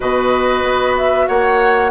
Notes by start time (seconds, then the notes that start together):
0.00 B2 F#4 B4 D#5
0.63 B3
0.97 E5
1.27 A#3 C#5 F#5